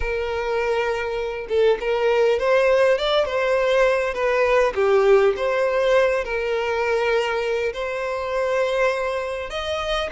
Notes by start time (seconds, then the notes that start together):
0.00 A#4
1.48 A4
1.80 A#4
2.39 C5
2.97 D5
3.25 C5
4.13 B4
4.74 G4
5.36 C5
6.24 A#4
7.73 C5
9.50 D#5